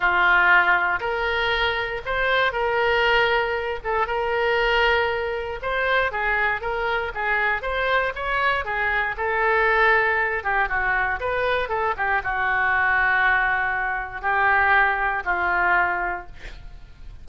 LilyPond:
\new Staff \with { instrumentName = "oboe" } { \time 4/4 \tempo 4 = 118 f'2 ais'2 | c''4 ais'2~ ais'8 a'8 | ais'2. c''4 | gis'4 ais'4 gis'4 c''4 |
cis''4 gis'4 a'2~ | a'8 g'8 fis'4 b'4 a'8 g'8 | fis'1 | g'2 f'2 | }